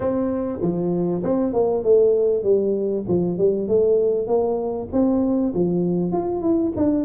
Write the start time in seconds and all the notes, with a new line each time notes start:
0.00 C4
0.61 F3
1.23 C4
1.53 A#3
1.83 A3
2.43 G3
3.08 F3
3.38 G3
3.67 A3
4.27 A#3
4.92 C4
5.54 F3
6.12 F4
6.41 E4
6.76 D4